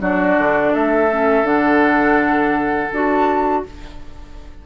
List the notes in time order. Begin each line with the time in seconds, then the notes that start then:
0.00 F#3 D4 F#4 D5
0.38 D3
0.73 A3 A4 E5
1.12 C#4
1.43 D3 D4 F#5
2.92 D4 F#4 A5